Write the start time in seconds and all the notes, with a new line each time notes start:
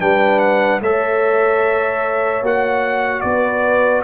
0.00 G3 D4 B4 G5
0.40 F#5
0.81 A3 A4 C#5 E5
2.42 A#3 F#4 F#5
3.21 B3 D5
3.27 B4